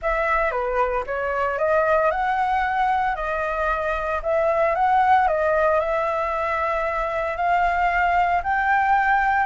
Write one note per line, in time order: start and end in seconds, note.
0.01 0.51 E5
0.51 1.04 B4
1.06 1.58 C#5
1.58 2.11 D#5
2.11 3.15 F#5
3.15 4.21 D#5
4.22 4.75 E5
4.75 5.27 F#5
5.27 5.80 D#5
5.80 7.37 E5
7.37 8.42 F5
8.43 9.46 G5